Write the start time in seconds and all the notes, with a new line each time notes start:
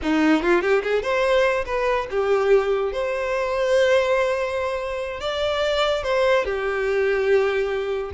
0.02 D#4
0.42 F4
0.61 G4
0.83 G#4
1.02 C5
1.65 B4
2.10 G4
2.92 C5
5.20 D5
6.03 C5
6.44 G4